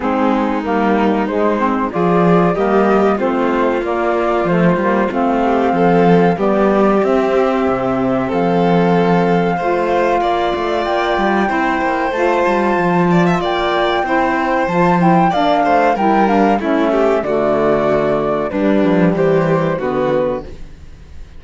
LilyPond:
<<
  \new Staff \with { instrumentName = "flute" } { \time 4/4 \tempo 4 = 94 gis'4 ais'4 c''4 d''4 | dis''4 c''4 d''4 c''4 | f''2 d''4 e''4~ | e''4 f''2.~ |
f''4 g''2 a''4~ | a''4 g''2 a''8 g''8 | f''4 g''8 f''8 e''4 d''4~ | d''4 b'4 c''4 b'4 | }
  \new Staff \with { instrumentName = "violin" } { \time 4/4 dis'2. gis'4 | g'4 f'2.~ | f'8 g'8 a'4 g'2~ | g'4 a'2 c''4 |
d''2 c''2~ | c''8 d''16 e''16 d''4 c''2 | d''8 c''8 ais'4 e'8 g'8 fis'4~ | fis'4 d'4 g'4 fis'4 | }
  \new Staff \with { instrumentName = "saxophone" } { \time 4/4 c'4 ais4 gis8 c'8 f'4 | ais4 c'4 ais4 a8 ais8 | c'2 b4 c'4~ | c'2. f'4~ |
f'2 e'4 f'4~ | f'2 e'4 f'8 e'8 | d'4 e'8 d'8 cis'4 a4~ | a4 g2 b4 | }
  \new Staff \with { instrumentName = "cello" } { \time 4/4 gis4 g4 gis4 f4 | g4 a4 ais4 f8 g8 | a4 f4 g4 c'4 | c4 f2 a4 |
ais8 a8 ais8 g8 c'8 ais8 a8 g8 | f4 ais4 c'4 f4 | ais8 a8 g4 a4 d4~ | d4 g8 f8 e4 d4 | }
>>